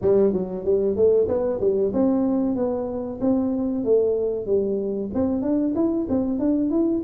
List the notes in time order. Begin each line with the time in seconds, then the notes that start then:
0.01 G3
0.32 F#3
0.64 G3
0.95 A3
1.28 B3
1.60 G3
1.93 C4
2.55 B3
3.20 C4
3.84 A3
4.46 G3
5.14 C4
5.41 D4
5.74 E4
6.09 C4
6.39 D4
6.70 E4